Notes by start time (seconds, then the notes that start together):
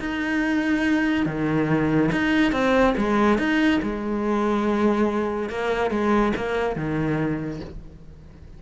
0.00 D#4
1.26 D#3
2.12 D#4
2.52 C4
2.97 G#3
3.38 D#4
3.83 G#3
5.49 A#3
5.90 G#3
6.36 A#3
6.76 D#3